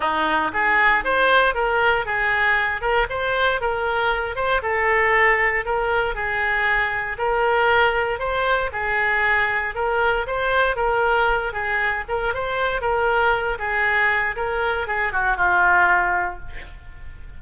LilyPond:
\new Staff \with { instrumentName = "oboe" } { \time 4/4 \tempo 4 = 117 dis'4 gis'4 c''4 ais'4 | gis'4. ais'8 c''4 ais'4~ | ais'8 c''8 a'2 ais'4 | gis'2 ais'2 |
c''4 gis'2 ais'4 | c''4 ais'4. gis'4 ais'8 | c''4 ais'4. gis'4. | ais'4 gis'8 fis'8 f'2 | }